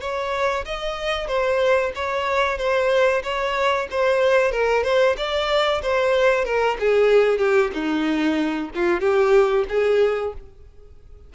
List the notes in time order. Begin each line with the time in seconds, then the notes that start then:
0.00 C#5
0.65 D#5
1.27 C5
1.95 C#5
2.58 C5
3.23 C#5
3.91 C5
4.51 A#4
4.83 C5
5.17 D5
5.82 C5
6.45 A#4
6.79 G#4
7.38 G4
7.73 D#4
8.74 F4
9.00 G4
9.68 G#4